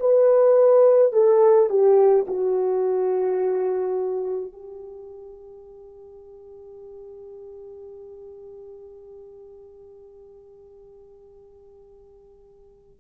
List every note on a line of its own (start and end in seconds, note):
0.00 1.13 B4
1.13 1.70 A4
1.70 2.26 G4
2.28 4.53 F#4
4.53 13.00 G4